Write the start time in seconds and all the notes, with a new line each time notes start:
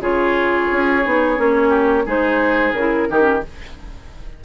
0.00 C#3 F4 G#4 C#5
0.72 C#4
1.04 B3 D#4
1.36 A#3 C#4
1.69 G4
2.06 G#3 D#4 G#4 C5
2.72 C#3 E4 A#4
3.09 D#3 D#4 G4
3.21 C#4